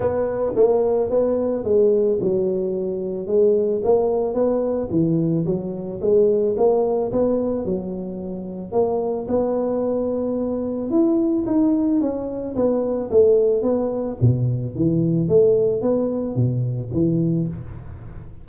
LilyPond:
\new Staff \with { instrumentName = "tuba" } { \time 4/4 \tempo 4 = 110 b4 ais4 b4 gis4 | fis2 gis4 ais4 | b4 e4 fis4 gis4 | ais4 b4 fis2 |
ais4 b2. | e'4 dis'4 cis'4 b4 | a4 b4 b,4 e4 | a4 b4 b,4 e4 | }